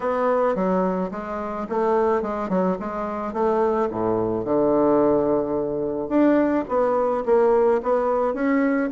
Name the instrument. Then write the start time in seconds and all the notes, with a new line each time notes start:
bassoon
0.00 B3
0.55 F#3
1.11 G#3
1.69 A3
2.22 G#3
2.49 F#3
2.79 G#3
3.33 A3
3.90 A2
4.44 D3
6.09 D4
6.68 B3
7.25 A#3
7.83 B3
8.34 C#4